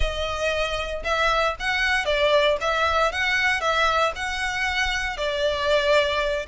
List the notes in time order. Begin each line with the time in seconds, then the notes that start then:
0.00 D#5
1.03 E5
1.59 F#5
2.05 D5
2.60 E5
3.12 F#5
3.60 E5
4.15 F#5
5.17 D5